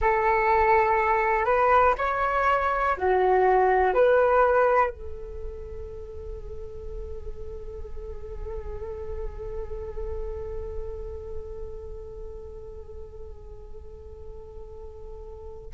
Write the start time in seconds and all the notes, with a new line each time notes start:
0.01 A4
1.45 B4
1.98 C#5
2.97 F#4
3.93 B4
4.90 A4